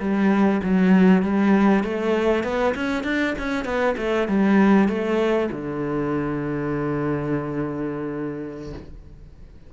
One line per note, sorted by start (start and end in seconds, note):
0.00 0.61 G3
0.64 1.23 F#3
1.23 1.84 G3
1.84 2.44 A3
2.44 2.75 B3
2.75 3.04 C#4
3.04 3.35 D4
3.39 3.65 C#4
3.65 3.96 B3
3.98 4.28 A3
4.28 4.89 G3
4.89 5.50 A3
5.52 8.73 D3